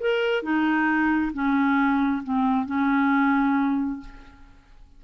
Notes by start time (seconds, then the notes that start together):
0.00 A#4
0.43 D#4
1.33 C#4
2.24 C4
2.66 C#4